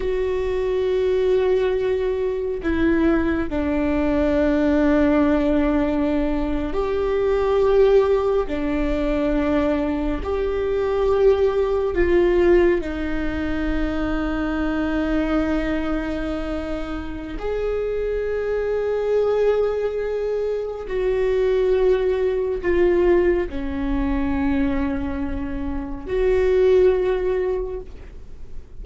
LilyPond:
\new Staff \with { instrumentName = "viola" } { \time 4/4 \tempo 4 = 69 fis'2. e'4 | d'2.~ d'8. g'16~ | g'4.~ g'16 d'2 g'16~ | g'4.~ g'16 f'4 dis'4~ dis'16~ |
dis'1 | gis'1 | fis'2 f'4 cis'4~ | cis'2 fis'2 | }